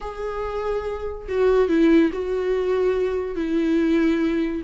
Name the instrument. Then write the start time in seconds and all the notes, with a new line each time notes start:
viola
0.01 G#4
1.28 F#4
1.68 E4
2.12 F#4
3.35 E4